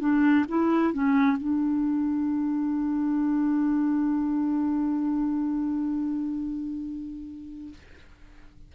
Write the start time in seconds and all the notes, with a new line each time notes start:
0.00 D4
0.49 E4
0.94 C#4
1.38 D4